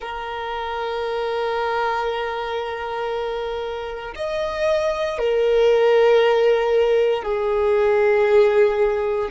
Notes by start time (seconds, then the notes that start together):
0.00 A#4
4.15 D#5
5.18 A#4
7.22 G#4